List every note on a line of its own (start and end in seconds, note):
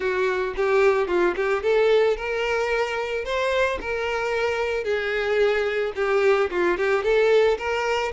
0.00 0.54 F#4
0.56 1.07 G4
1.07 1.34 F4
1.36 1.62 G4
1.62 2.16 A4
2.16 3.24 A#4
3.24 3.78 C5
3.81 4.84 A#4
4.84 5.92 G#4
5.95 6.49 G4
6.50 6.77 F4
6.77 7.03 G4
7.03 7.57 A4
7.57 8.12 A#4